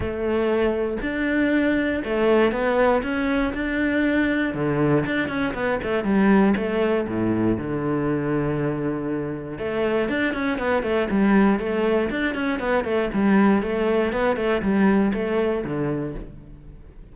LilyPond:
\new Staff \with { instrumentName = "cello" } { \time 4/4 \tempo 4 = 119 a2 d'2 | a4 b4 cis'4 d'4~ | d'4 d4 d'8 cis'8 b8 a8 | g4 a4 a,4 d4~ |
d2. a4 | d'8 cis'8 b8 a8 g4 a4 | d'8 cis'8 b8 a8 g4 a4 | b8 a8 g4 a4 d4 | }